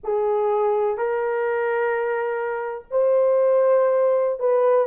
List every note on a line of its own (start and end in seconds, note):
0.03 0.97 G#4
0.97 2.85 A#4
2.90 4.39 C5
4.39 4.87 B4